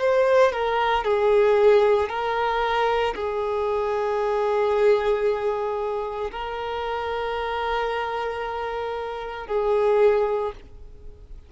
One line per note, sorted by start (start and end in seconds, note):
0.00 0.52 C5
0.52 1.04 A#4
1.04 2.09 G#4
2.09 3.14 A#4
3.15 6.31 G#4
6.32 9.47 A#4
9.47 10.53 G#4